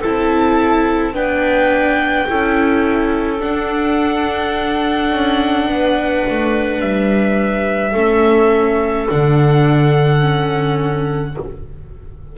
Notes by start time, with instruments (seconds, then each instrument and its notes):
0.00 double bass C4, viola E4, clarinet A4, violin A5
1.13 double bass B3, viola D4, clarinet B4, violin G5
2.28 double bass C#4, viola E4, clarinet A4
3.38 viola D4, double bass D4, violin F#5
5.11 double bass C#4
5.67 double bass B3, clarinet B4
6.29 double bass A3
6.80 double bass G3, violin E5
7.91 double bass A3, viola C#4, clarinet A4
9.07 double bass D3, viola D4, violin F#5
10.20 viola C#4